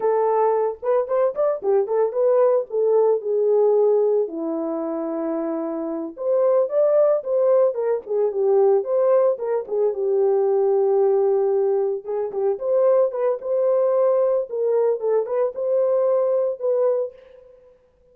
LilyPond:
\new Staff \with { instrumentName = "horn" } { \time 4/4 \tempo 4 = 112 a'4. b'8 c''8 d''8 g'8 a'8 | b'4 a'4 gis'2 | e'2.~ e'8 c''8~ | c''8 d''4 c''4 ais'8 gis'8 g'8~ |
g'8 c''4 ais'8 gis'8 g'4.~ | g'2~ g'8 gis'8 g'8 c''8~ | c''8 b'8 c''2 ais'4 | a'8 b'8 c''2 b'4 | }